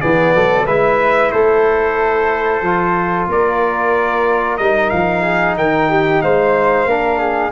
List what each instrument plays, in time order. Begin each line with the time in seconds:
0.00 tuba E3, trombone B3, flute G#4, trumpet D5
0.35 tuba F#3, flute A4
0.66 tuba G#3, trombone E4, flute B4, trumpet E5
1.31 tuba A3, flute A4, trumpet C5
2.62 tuba F3, trombone F4
3.29 tuba A#3, flute A#4, trumpet D5
4.57 tuba G3, trombone D#4, trumpet D#5
4.90 tuba F3, trumpet F5
5.22 flute G#4
5.57 tuba D#3, flute A#4, trumpet G5
5.90 flute G4
6.22 tuba G#3, flute C5, trumpet F5
6.85 tuba A#3, trombone D4, flute A#4
7.18 flute G#4